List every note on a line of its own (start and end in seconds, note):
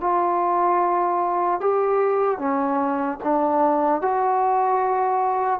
0.00 1.60 F4
1.60 2.38 G4
2.38 3.18 C#4
3.23 4.01 D4
4.01 5.60 F#4